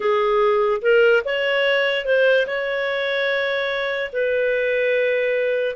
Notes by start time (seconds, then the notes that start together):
0.00 G#4
0.81 A#4
1.24 C#5
2.05 C5
2.46 C#5
4.12 B4